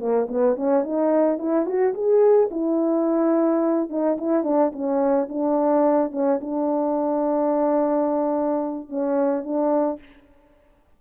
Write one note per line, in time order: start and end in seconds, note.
0.00 0.28 A#3
0.29 0.56 B3
0.56 0.84 C#4
0.84 1.39 D#4
1.39 1.66 E4
1.66 1.94 F#4
1.94 2.50 G#4
2.51 3.90 E4
3.90 4.17 D#4
4.18 4.44 E4
4.44 4.72 D4
4.73 5.28 C#4
5.29 6.12 D4
6.12 6.40 C#4
6.41 8.89 D4
8.89 9.44 C#4
9.44 10.00 D4